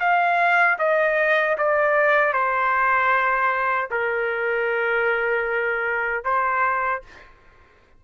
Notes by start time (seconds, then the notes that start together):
0.00 F5
0.79 D#5
1.58 D5
2.33 C5
3.91 A#4
6.24 C5